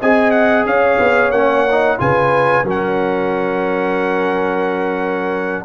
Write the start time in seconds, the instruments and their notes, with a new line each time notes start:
0.00 tuba C4, trombone G#4, horn D#5, trumpet G#5
0.31 trumpet F#5
0.66 tuba C#4, horn C#5, trumpet F5
0.99 tuba B3
1.32 tuba A#3, trombone C#4, trumpet F#5
1.71 trombone D#4
1.98 tuba C#3, trombone F4, horn B4, trumpet G#5
2.63 tuba F#3, trombone C#4, horn A#4
2.70 trumpet F#5